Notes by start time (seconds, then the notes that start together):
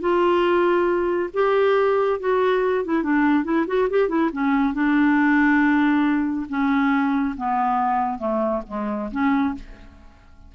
0.00 F4
1.33 G4
2.20 F#4
2.84 E4
3.03 D4
3.44 E4
3.67 F#4
3.90 G4
4.09 E4
4.33 C#4
4.74 D4
6.49 C#4
7.37 B3
8.19 A3
8.67 G#3
9.12 C#4